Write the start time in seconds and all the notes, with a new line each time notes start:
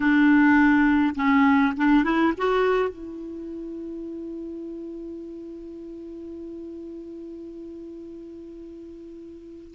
0.00 D4
1.15 C#4
1.77 D4
2.04 E4
2.37 F#4
2.89 E4